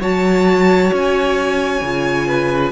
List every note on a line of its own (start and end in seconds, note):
0.00 0.91 F#3
0.00 1.83 F#4
0.00 2.27 C#5
0.00 0.93 A5
0.92 1.81 C#4
0.92 2.72 G#5
1.81 2.72 C#3
1.81 2.72 F4
2.27 2.72 B4